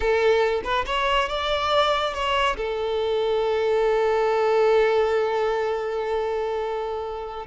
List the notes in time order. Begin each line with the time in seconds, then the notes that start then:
0.00 A4
0.63 B4
0.86 C#5
1.28 D5
2.14 C#5
2.56 A4